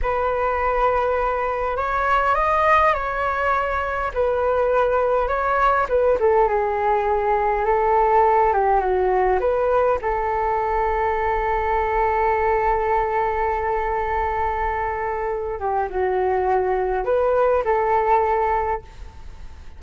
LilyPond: \new Staff \with { instrumentName = "flute" } { \time 4/4 \tempo 4 = 102 b'2. cis''4 | dis''4 cis''2 b'4~ | b'4 cis''4 b'8 a'8 gis'4~ | gis'4 a'4. g'8 fis'4 |
b'4 a'2.~ | a'1~ | a'2~ a'8 g'8 fis'4~ | fis'4 b'4 a'2 | }